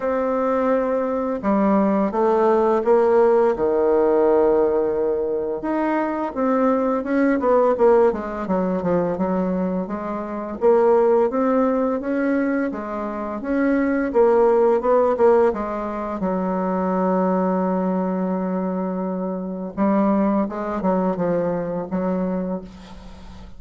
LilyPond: \new Staff \with { instrumentName = "bassoon" } { \time 4/4 \tempo 4 = 85 c'2 g4 a4 | ais4 dis2. | dis'4 c'4 cis'8 b8 ais8 gis8 | fis8 f8 fis4 gis4 ais4 |
c'4 cis'4 gis4 cis'4 | ais4 b8 ais8 gis4 fis4~ | fis1 | g4 gis8 fis8 f4 fis4 | }